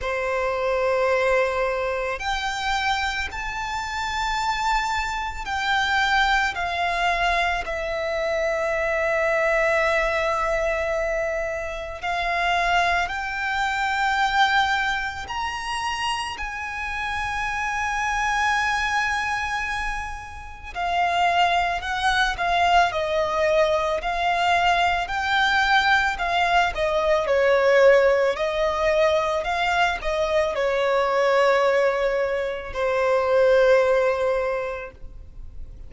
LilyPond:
\new Staff \with { instrumentName = "violin" } { \time 4/4 \tempo 4 = 55 c''2 g''4 a''4~ | a''4 g''4 f''4 e''4~ | e''2. f''4 | g''2 ais''4 gis''4~ |
gis''2. f''4 | fis''8 f''8 dis''4 f''4 g''4 | f''8 dis''8 cis''4 dis''4 f''8 dis''8 | cis''2 c''2 | }